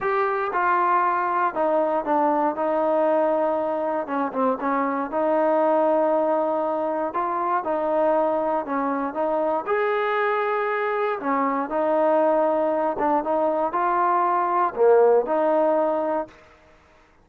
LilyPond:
\new Staff \with { instrumentName = "trombone" } { \time 4/4 \tempo 4 = 118 g'4 f'2 dis'4 | d'4 dis'2. | cis'8 c'8 cis'4 dis'2~ | dis'2 f'4 dis'4~ |
dis'4 cis'4 dis'4 gis'4~ | gis'2 cis'4 dis'4~ | dis'4. d'8 dis'4 f'4~ | f'4 ais4 dis'2 | }